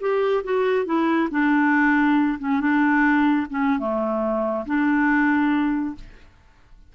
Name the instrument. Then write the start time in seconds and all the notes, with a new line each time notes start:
clarinet
0.00 G4
0.44 F#4
0.85 E4
1.30 D4
2.39 C#4
2.60 D4
3.49 C#4
3.79 A3
4.65 D4